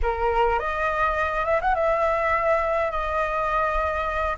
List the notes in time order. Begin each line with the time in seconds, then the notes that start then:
0.02 A#4
0.59 D#5
1.45 E5
1.61 F#5
1.74 E5
2.91 D#5